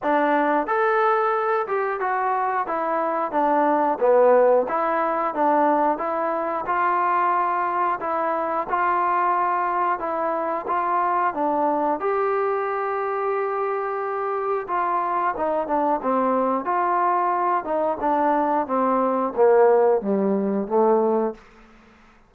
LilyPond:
\new Staff \with { instrumentName = "trombone" } { \time 4/4 \tempo 4 = 90 d'4 a'4. g'8 fis'4 | e'4 d'4 b4 e'4 | d'4 e'4 f'2 | e'4 f'2 e'4 |
f'4 d'4 g'2~ | g'2 f'4 dis'8 d'8 | c'4 f'4. dis'8 d'4 | c'4 ais4 g4 a4 | }